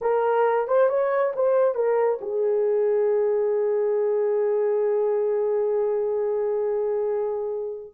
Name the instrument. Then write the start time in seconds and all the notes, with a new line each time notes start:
horn
0.01 A#4
0.67 C5
0.89 C#5
1.35 C5
1.74 A#4
2.21 G#4